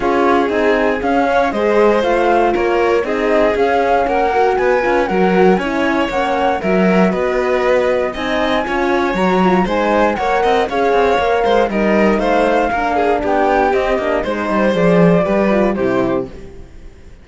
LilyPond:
<<
  \new Staff \with { instrumentName = "flute" } { \time 4/4 \tempo 4 = 118 cis''4 gis''4 f''4 dis''4 | f''4 cis''4 dis''4 f''4 | fis''4 gis''4 fis''4 gis''4 | fis''4 e''4 dis''2 |
gis''2 ais''4 gis''4 | fis''4 f''2 dis''4 | f''2 g''4 dis''4 | c''4 d''2 c''4 | }
  \new Staff \with { instrumentName = "violin" } { \time 4/4 gis'2~ gis'8 cis''8 c''4~ | c''4 ais'4 gis'2 | ais'4 b'4 ais'4 cis''4~ | cis''4 ais'4 b'2 |
dis''4 cis''2 c''4 | cis''8 dis''8 cis''4. c''8 ais'4 | c''4 ais'8 gis'8 g'2 | c''2 b'4 g'4 | }
  \new Staff \with { instrumentName = "horn" } { \time 4/4 f'4 dis'4 cis'4 gis'4 | f'2 dis'4 cis'4~ | cis'8 fis'4 f'8 fis'4 e'4 | cis'4 fis'2. |
dis'4 f'4 fis'8 f'8 dis'4 | ais'4 gis'4 ais'4 dis'4~ | dis'4 d'2 c'8 d'8 | dis'4 gis'4 g'8 f'8 e'4 | }
  \new Staff \with { instrumentName = "cello" } { \time 4/4 cis'4 c'4 cis'4 gis4 | a4 ais4 c'4 cis'4 | ais4 b8 cis'8 fis4 cis'4 | ais4 fis4 b2 |
c'4 cis'4 fis4 gis4 | ais8 c'8 cis'8 c'8 ais8 gis8 g4 | a4 ais4 b4 c'8 ais8 | gis8 g8 f4 g4 c4 | }
>>